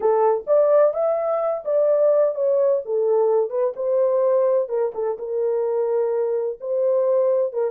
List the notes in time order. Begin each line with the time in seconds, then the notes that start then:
0.00 A4
0.46 D5
0.93 E5
1.64 D5
2.35 C#5
2.85 A4
3.50 B4
3.75 C5
4.68 A#4
4.94 A4
5.18 A#4
6.60 C5
7.52 A#4